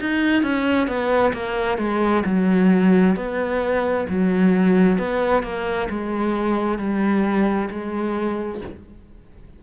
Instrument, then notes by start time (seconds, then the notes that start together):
cello
0.00 D#4
0.43 C#4
0.87 B3
1.33 A#3
1.78 G#3
2.25 F#3
3.16 B3
4.09 F#3
4.98 B3
5.43 A#3
5.90 G#3
6.78 G3
7.70 G#3